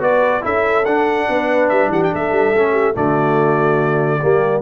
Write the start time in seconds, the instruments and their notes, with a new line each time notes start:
0.00 tuba B3, trombone F#4, horn B4, trumpet D5
0.42 tuba C#4, trombone E4, horn A4, trumpet E5
0.86 tuba D4, trombone D4, trumpet F#5
1.30 tuba B3, horn B4
1.69 tuba G3, trumpet E5
1.88 tuba E3, horn G4, trumpet F#5
2.04 trumpet G5
2.12 tuba A3, horn A4, trumpet E5
2.32 tuba G3
2.54 tuba A3, trombone C#4
2.72 horn G4
2.94 tuba D3, trombone A3, horn F#4, trumpet D5
4.22 tuba G3, trombone A#3, horn G4